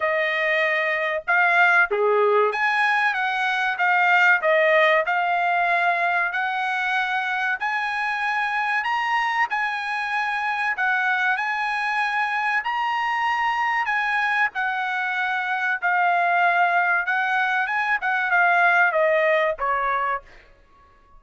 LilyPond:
\new Staff \with { instrumentName = "trumpet" } { \time 4/4 \tempo 4 = 95 dis''2 f''4 gis'4 | gis''4 fis''4 f''4 dis''4 | f''2 fis''2 | gis''2 ais''4 gis''4~ |
gis''4 fis''4 gis''2 | ais''2 gis''4 fis''4~ | fis''4 f''2 fis''4 | gis''8 fis''8 f''4 dis''4 cis''4 | }